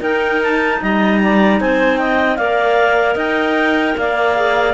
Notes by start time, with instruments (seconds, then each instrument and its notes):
0.00 cello D#4, clarinet D#4 A#4 G5
0.42 clarinet A5
0.81 cello G3, clarinet D#5 A#5
1.21 clarinet D5
1.60 cello C4, clarinet C5 G#5
1.97 clarinet D#5 G5
2.36 cello A#3, clarinet A#4 D5 F5
3.14 cello D#4, clarinet D#5 G5
3.97 cello A#3, clarinet D5 F5
4.36 clarinet G#4